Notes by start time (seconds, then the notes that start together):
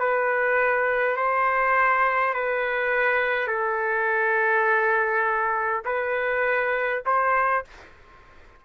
0.00 B4
1.17 C5
2.34 B4
3.48 A4
5.86 B4
7.06 C5